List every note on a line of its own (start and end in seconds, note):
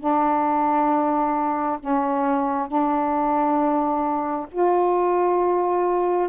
0.00 1.79 D4
1.80 2.68 C#4
2.68 4.47 D4
4.52 6.30 F4